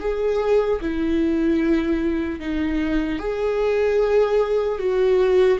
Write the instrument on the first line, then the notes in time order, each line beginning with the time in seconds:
viola
0.00 G#4
0.81 E4
2.40 D#4
3.19 G#4
4.79 F#4